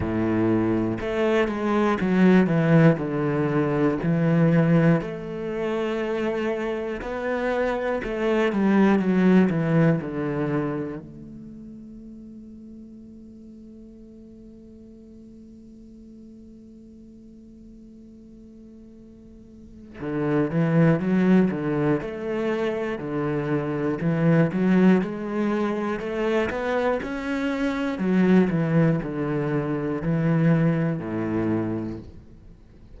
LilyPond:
\new Staff \with { instrumentName = "cello" } { \time 4/4 \tempo 4 = 60 a,4 a8 gis8 fis8 e8 d4 | e4 a2 b4 | a8 g8 fis8 e8 d4 a4~ | a1~ |
a1 | d8 e8 fis8 d8 a4 d4 | e8 fis8 gis4 a8 b8 cis'4 | fis8 e8 d4 e4 a,4 | }